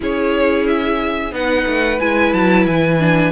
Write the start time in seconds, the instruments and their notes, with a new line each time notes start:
0.00 cello C#4, viola E4, violin G#4 C#5
0.67 violin E5
1.31 cello B3, viola D#4, violin B4 F#5
1.66 cello A3
1.99 cello G#3, viola E4, violin G#5
2.32 cello F#3, violin A5
2.66 cello E3, violin G#5
2.99 viola D4